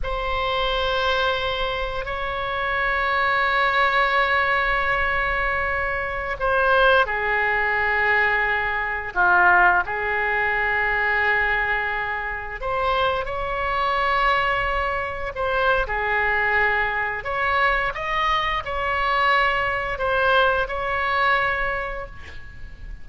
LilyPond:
\new Staff \with { instrumentName = "oboe" } { \time 4/4 \tempo 4 = 87 c''2. cis''4~ | cis''1~ | cis''4~ cis''16 c''4 gis'4.~ gis'16~ | gis'4~ gis'16 f'4 gis'4.~ gis'16~ |
gis'2~ gis'16 c''4 cis''8.~ | cis''2~ cis''16 c''8. gis'4~ | gis'4 cis''4 dis''4 cis''4~ | cis''4 c''4 cis''2 | }